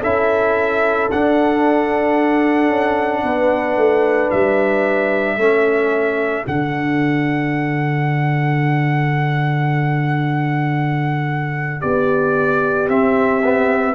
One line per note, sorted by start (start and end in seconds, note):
0.00 1.10 C#4
0.00 1.10 E4
0.00 3.21 A4
0.00 1.10 E5
1.11 5.39 D4
1.11 2.69 D4
1.11 4.31 F#5
2.69 3.23 C#4
3.23 3.77 B3
3.23 5.37 B4
3.77 4.30 A3
4.31 5.37 G3
4.31 6.45 E5
5.37 6.44 A3
5.37 6.46 C#4
5.37 11.80 A4
6.46 11.83 D3
6.46 12.89 D4
6.46 11.81 F#5
11.81 12.88 B3
11.81 13.95 G4
11.81 12.88 D5
12.88 13.95 C4
12.88 13.42 C4
12.88 13.95 E5
13.44 13.95 B3